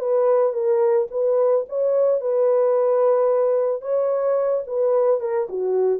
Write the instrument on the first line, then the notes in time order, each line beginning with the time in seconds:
horn
0.00 B4
0.53 A#4
1.11 B4
1.69 C#5
2.21 B4
3.82 C#5
4.67 B4
5.21 A#4
5.50 F#4